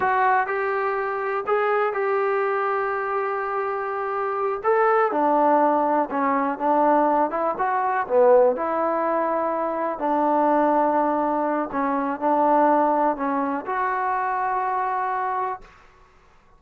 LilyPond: \new Staff \with { instrumentName = "trombone" } { \time 4/4 \tempo 4 = 123 fis'4 g'2 gis'4 | g'1~ | g'4. a'4 d'4.~ | d'8 cis'4 d'4. e'8 fis'8~ |
fis'8 b4 e'2~ e'8~ | e'8 d'2.~ d'8 | cis'4 d'2 cis'4 | fis'1 | }